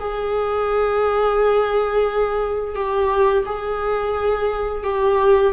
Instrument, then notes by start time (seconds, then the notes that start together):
viola
0.00 G#4
2.76 G4
3.46 G#4
4.84 G4